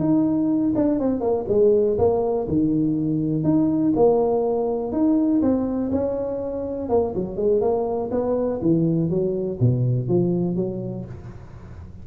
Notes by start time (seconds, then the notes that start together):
0.00 D#4
0.76 D4
1.00 C4
1.21 A#3
1.49 G#3
1.99 A#3
2.48 D#3
3.44 D#4
3.96 A#3
4.93 D#4
5.42 C4
5.92 C#4
6.90 A#3
7.16 F#3
7.37 G#3
7.61 A#3
8.11 B3
8.62 E3
9.10 F#3
9.61 B2
10.09 F3
10.56 F#3